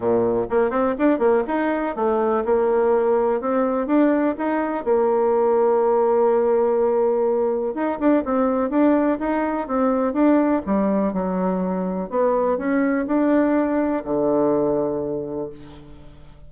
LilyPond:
\new Staff \with { instrumentName = "bassoon" } { \time 4/4 \tempo 4 = 124 ais,4 ais8 c'8 d'8 ais8 dis'4 | a4 ais2 c'4 | d'4 dis'4 ais2~ | ais1 |
dis'8 d'8 c'4 d'4 dis'4 | c'4 d'4 g4 fis4~ | fis4 b4 cis'4 d'4~ | d'4 d2. | }